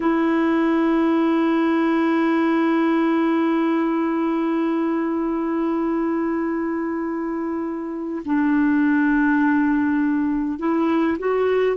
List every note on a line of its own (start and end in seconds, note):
0.00 8.22 E4
8.25 10.58 D4
10.58 11.17 E4
11.18 11.76 F#4